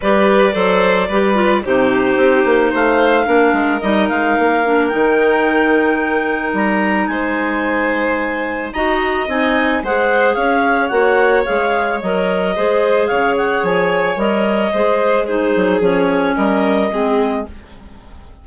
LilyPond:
<<
  \new Staff \with { instrumentName = "clarinet" } { \time 4/4 \tempo 4 = 110 d''2. c''4~ | c''4 f''2 dis''8 f''8~ | f''4 g''2. | ais''4 gis''2. |
ais''4 gis''4 fis''4 f''4 | fis''4 f''4 dis''2 | f''8 fis''8 gis''4 dis''2 | c''4 cis''4 dis''2 | }
  \new Staff \with { instrumentName = "violin" } { \time 4/4 b'4 c''4 b'4 g'4~ | g'4 c''4 ais'2~ | ais'1~ | ais'4 c''2. |
dis''2 c''4 cis''4~ | cis''2. c''4 | cis''2. c''4 | gis'2 ais'4 gis'4 | }
  \new Staff \with { instrumentName = "clarinet" } { \time 4/4 g'4 a'4 g'8 f'8 dis'4~ | dis'2 d'4 dis'4~ | dis'8 d'8 dis'2.~ | dis'1 |
fis'4 dis'4 gis'2 | fis'4 gis'4 ais'4 gis'4~ | gis'2 ais'4 gis'4 | dis'4 cis'2 c'4 | }
  \new Staff \with { instrumentName = "bassoon" } { \time 4/4 g4 fis4 g4 c4 | c'8 ais8 a4 ais8 gis8 g8 gis8 | ais4 dis2. | g4 gis2. |
dis'4 c'4 gis4 cis'4 | ais4 gis4 fis4 gis4 | cis4 f4 g4 gis4~ | gis8 fis8 f4 g4 gis4 | }
>>